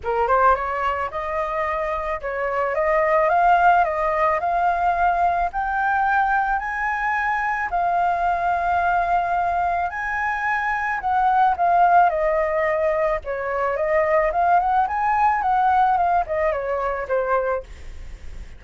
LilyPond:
\new Staff \with { instrumentName = "flute" } { \time 4/4 \tempo 4 = 109 ais'8 c''8 cis''4 dis''2 | cis''4 dis''4 f''4 dis''4 | f''2 g''2 | gis''2 f''2~ |
f''2 gis''2 | fis''4 f''4 dis''2 | cis''4 dis''4 f''8 fis''8 gis''4 | fis''4 f''8 dis''8 cis''4 c''4 | }